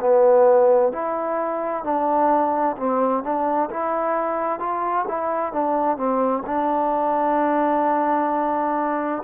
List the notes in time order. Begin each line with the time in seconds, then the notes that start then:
0.00 B3
0.92 E4
1.84 D4
2.77 C4
3.23 D4
3.70 E4
4.59 F4
5.08 E4
5.53 D4
5.97 C4
6.46 D4